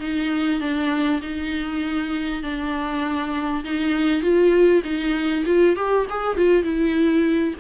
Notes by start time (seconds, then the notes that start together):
0.00 D#4
0.60 D4
1.22 D#4
2.43 D4
3.64 D#4
4.22 F4
4.84 D#4
5.46 F4
5.76 G4
6.10 G#4
6.37 F4
6.63 E4